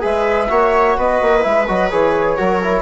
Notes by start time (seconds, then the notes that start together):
0.00 G#3 G#4 B4 E5
0.50 A#3 F#4 C#5
0.97 B3 B4 D#5
1.22 A#3
1.41 G#3 E4 E5
1.67 F#3 F#4 D#5
1.91 E3 G#4 C#5
2.37 F#3 F#4 A#4
2.63 E4